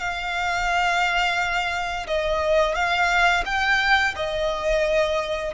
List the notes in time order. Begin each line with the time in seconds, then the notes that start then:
0.00 F5
2.08 D#5
2.75 F5
3.46 G5
4.16 D#5